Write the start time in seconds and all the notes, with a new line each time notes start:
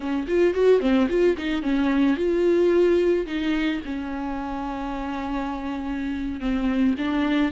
0.00 C#4
0.27 F4
0.53 F#4
0.80 C4
1.09 F4
1.37 D#4
1.62 C#4
2.16 F4
3.26 D#4
3.85 C#4
6.40 C4
6.98 D4